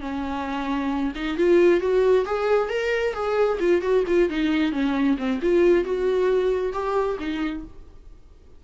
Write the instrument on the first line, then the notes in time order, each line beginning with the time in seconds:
viola
0.00 C#4
1.15 D#4
1.37 F4
1.80 F#4
2.25 G#4
2.69 A#4
3.13 G#4
3.59 F4
3.81 F#4
4.07 F4
4.29 D#4
4.72 C#4
5.17 C4
5.41 F4
5.84 F#4
6.72 G4
7.19 D#4